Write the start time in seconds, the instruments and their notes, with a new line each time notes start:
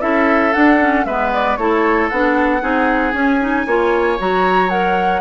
0.00 bassoon C#4, clarinet E4, oboe A4, flute E5
0.53 clarinet D4, bassoon D4, flute F#5
0.80 clarinet C#4
1.05 bassoon G#3, clarinet B3, oboe B4, flute E5
1.33 flute D5
1.57 bassoon A3, clarinet E4, oboe A4, flute C#5
2.09 bassoon B3, clarinet D4, flute F#5
2.61 bassoon C4, clarinet D#4, oboe G#4
3.13 clarinet C#4, bassoon C#4, flute G#5
3.40 clarinet D#4
3.66 bassoon A#3, clarinet F4, oboe C#5
4.18 bassoon F#3, clarinet F#4, flute A#5
4.69 clarinet A#4, flute F#5